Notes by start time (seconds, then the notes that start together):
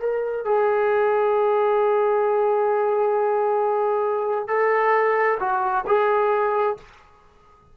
0.00 A#4
0.45 G#4
4.48 A4
5.40 F#4
5.87 G#4